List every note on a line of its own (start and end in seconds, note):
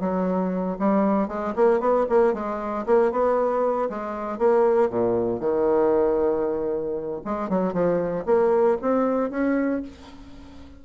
0.00 0.78 F#3
0.79 1.28 G3
1.28 1.54 G#3
1.55 1.80 A#3
1.80 2.06 B3
2.09 2.33 A#3
2.33 2.85 G#3
2.86 3.12 A#3
3.12 3.89 B3
3.90 4.38 G#3
4.38 4.89 A#3
4.89 5.40 A#2
5.40 7.21 D#3
7.25 7.49 G#3
7.49 7.73 F#3
7.73 8.25 F3
8.26 8.77 A#3
8.81 9.30 C4
9.30 9.82 C#4